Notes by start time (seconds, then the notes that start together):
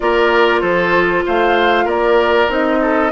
0.00 A#3 F4 A#4 D5
0.61 F3 A4 C5
1.26 A3 C5 F5
1.84 A#3 A#4 D5
2.48 C4 D#4 D#5
2.81 A4